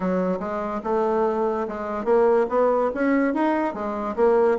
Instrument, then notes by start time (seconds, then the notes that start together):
bassoon
0.00 F#3
0.39 G#3
0.83 A3
1.68 G#3
2.05 A#3
2.49 B3
2.94 C#4
3.33 D#4
3.74 G#3
4.16 A#3